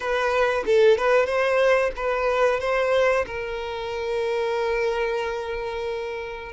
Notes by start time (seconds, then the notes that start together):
0.00 B4
0.66 A4
0.97 B4
1.26 C5
1.96 B4
2.60 C5
3.26 A#4